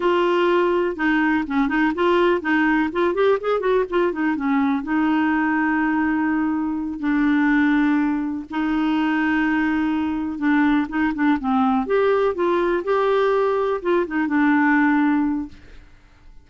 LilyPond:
\new Staff \with { instrumentName = "clarinet" } { \time 4/4 \tempo 4 = 124 f'2 dis'4 cis'8 dis'8 | f'4 dis'4 f'8 g'8 gis'8 fis'8 | f'8 dis'8 cis'4 dis'2~ | dis'2~ dis'8 d'4.~ |
d'4. dis'2~ dis'8~ | dis'4. d'4 dis'8 d'8 c'8~ | c'8 g'4 f'4 g'4.~ | g'8 f'8 dis'8 d'2~ d'8 | }